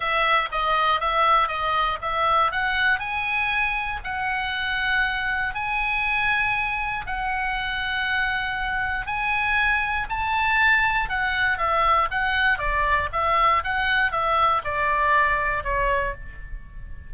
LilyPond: \new Staff \with { instrumentName = "oboe" } { \time 4/4 \tempo 4 = 119 e''4 dis''4 e''4 dis''4 | e''4 fis''4 gis''2 | fis''2. gis''4~ | gis''2 fis''2~ |
fis''2 gis''2 | a''2 fis''4 e''4 | fis''4 d''4 e''4 fis''4 | e''4 d''2 cis''4 | }